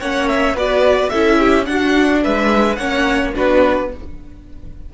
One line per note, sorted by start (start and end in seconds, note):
0.00 0.55 A#3
0.00 0.56 C#4
0.00 0.55 C#5
0.00 0.28 F#5
0.28 0.56 E5
0.55 1.10 B3
0.55 1.12 F#4
0.55 1.10 B4
0.55 1.09 D5
1.09 1.69 C#4
1.09 1.65 E4
1.09 1.39 A4
1.09 1.65 E5
1.39 1.67 G4
1.65 2.76 D4
1.65 2.24 D4
1.65 2.23 F#4
1.65 2.21 F#5
2.23 2.78 G#3
2.23 2.79 B4
2.23 2.75 E5
2.75 3.33 A#3
2.75 3.34 C#4
2.75 3.34 C#5
2.75 3.31 F#5
3.34 3.94 B3
3.34 3.90 D4
3.34 3.91 F#4
3.34 3.92 B4